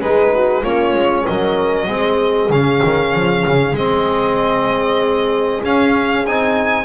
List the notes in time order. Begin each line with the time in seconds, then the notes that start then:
0.00 G#3 D#4 G#4 B4
0.34 F#4
0.61 A#3 C#4 F4 C#5
0.94 G#3
1.25 F#3 A#4 D#5
1.86 G#3 C4 G#4
2.49 C#3 C#4 F5
2.83 D#3
3.14 F3
3.47 C#3
3.72 G#3 C4 D#5
5.62 C#4 F5
6.26 C4 D#4 G#5